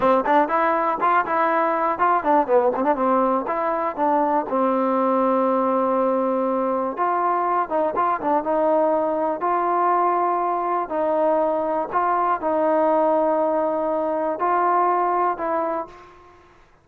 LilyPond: \new Staff \with { instrumentName = "trombone" } { \time 4/4 \tempo 4 = 121 c'8 d'8 e'4 f'8 e'4. | f'8 d'8 b8 c'16 d'16 c'4 e'4 | d'4 c'2.~ | c'2 f'4. dis'8 |
f'8 d'8 dis'2 f'4~ | f'2 dis'2 | f'4 dis'2.~ | dis'4 f'2 e'4 | }